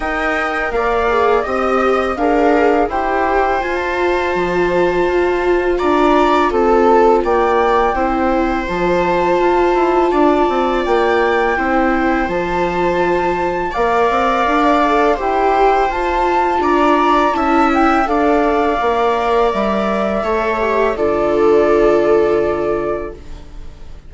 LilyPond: <<
  \new Staff \with { instrumentName = "flute" } { \time 4/4 \tempo 4 = 83 g''4 f''4 dis''4 f''4 | g''4 gis''16 a''2~ a''8. | ais''4 a''4 g''2 | a''2. g''4~ |
g''4 a''2 f''4~ | f''4 g''4 a''4 ais''4 | a''8 g''8 f''2 e''4~ | e''4 d''2. | }
  \new Staff \with { instrumentName = "viola" } { \time 4/4 dis''4 d''4 dis''4 ais'4 | c''1 | d''4 a'4 d''4 c''4~ | c''2 d''2 |
c''2. d''4~ | d''4 c''2 d''4 | e''4 d''2. | cis''4 a'2. | }
  \new Staff \with { instrumentName = "viola" } { \time 4/4 ais'4. gis'8 g'4 gis'4 | g'4 f'2.~ | f'2. e'4 | f'1 |
e'4 f'2 ais'4~ | ais'8 a'8 g'4 f'2 | e'4 a'4 ais'2 | a'8 g'8 f'2. | }
  \new Staff \with { instrumentName = "bassoon" } { \time 4/4 dis'4 ais4 c'4 d'4 | e'4 f'4 f4 f'4 | d'4 c'4 ais4 c'4 | f4 f'8 e'8 d'8 c'8 ais4 |
c'4 f2 ais8 c'8 | d'4 e'4 f'4 d'4 | cis'4 d'4 ais4 g4 | a4 d2. | }
>>